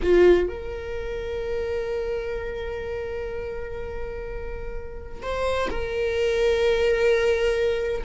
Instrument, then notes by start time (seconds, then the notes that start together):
viola
0.02 F4
0.48 A#4
5.22 C5
5.70 A#4